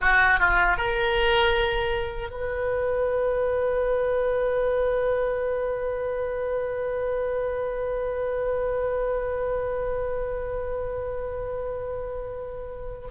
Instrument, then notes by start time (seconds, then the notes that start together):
oboe
0.01 F#4
0.39 F4
0.77 A#4
2.30 B4